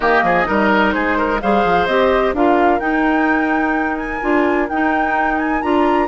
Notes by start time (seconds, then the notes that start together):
0.00 D#3 A#3 G4 D#5
0.22 F3 G#4
0.44 G3 D#4 A#4
0.92 G#3 G#4 C5
1.17 A#4
1.41 G3 G#4 C5 F5
1.64 F3
1.86 C4 G4 D#5
2.33 D4 F4 A#4 F5
2.79 D#4 G5
3.96 G#5
4.21 D4 F4
4.69 D#4 G5
5.38 G#5
5.61 D4 F4 A#5